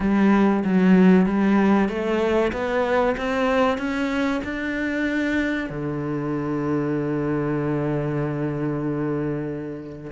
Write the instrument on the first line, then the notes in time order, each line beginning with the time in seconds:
cello
0.00 G3
0.64 F#3
1.26 G3
1.88 A3
2.52 B3
3.17 C4
3.78 C#4
4.44 D4
5.69 D3